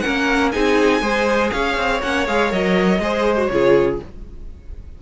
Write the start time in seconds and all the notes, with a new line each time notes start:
0.00 C#4 A#4 F#5
0.07 A#3
0.52 C4 D#4 G#4 G#5
1.01 G#3 G#4 C5
1.52 C#4 C#5 F5
1.77 C4
2.02 A#3 C#4 F#5
2.27 G#3 G#4 F5
2.50 F#3 A#4 D#5
2.99 G#3 G#4 C5
3.37 F#4
3.47 C#3 F4 G#4 C#5